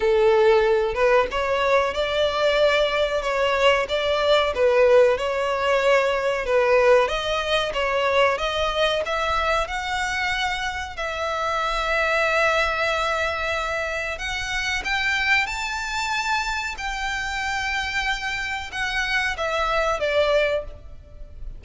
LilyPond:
\new Staff \with { instrumentName = "violin" } { \time 4/4 \tempo 4 = 93 a'4. b'8 cis''4 d''4~ | d''4 cis''4 d''4 b'4 | cis''2 b'4 dis''4 | cis''4 dis''4 e''4 fis''4~ |
fis''4 e''2.~ | e''2 fis''4 g''4 | a''2 g''2~ | g''4 fis''4 e''4 d''4 | }